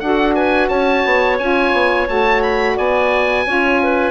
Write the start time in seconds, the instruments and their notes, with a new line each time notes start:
0.00 bassoon D4, saxophone F#4, clarinet A4, oboe F#5
0.35 clarinet B4, oboe G#5
0.69 bassoon C#4, clarinet C#5, oboe A5
1.05 bassoon B3
1.39 bassoon C#4, saxophone F4, oboe G#5
1.73 bassoon B3
2.08 bassoon A3, saxophone F#4, oboe A5
2.43 oboe B5
2.76 bassoon B3, clarinet D5, oboe G#5
3.46 bassoon C#4, saxophone F4, clarinet C#5
3.83 clarinet B4